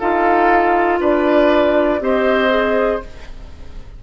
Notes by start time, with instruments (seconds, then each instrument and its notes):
0.00 bassoon D#4, clarinet F4, oboe A4, flute F5
1.01 bassoon D4, oboe B4, flute D5
2.00 bassoon C4, clarinet G4, oboe C5, flute D#5
2.50 clarinet G#4